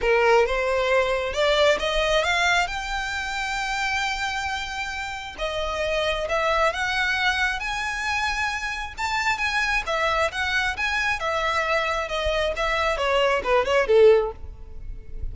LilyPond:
\new Staff \with { instrumentName = "violin" } { \time 4/4 \tempo 4 = 134 ais'4 c''2 d''4 | dis''4 f''4 g''2~ | g''1 | dis''2 e''4 fis''4~ |
fis''4 gis''2. | a''4 gis''4 e''4 fis''4 | gis''4 e''2 dis''4 | e''4 cis''4 b'8 cis''8 a'4 | }